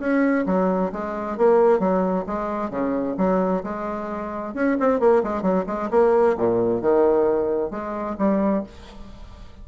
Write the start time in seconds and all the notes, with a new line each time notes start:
0.00 C#4
0.47 F#3
0.93 G#3
1.38 A#3
1.80 F#3
2.27 G#3
2.71 C#3
3.18 F#3
3.64 G#3
4.55 C#4
4.80 C4
5.00 A#3
5.24 G#3
5.43 F#3
5.67 G#3
5.91 A#3
6.38 A#2
6.82 D#3
7.71 G#3
8.19 G3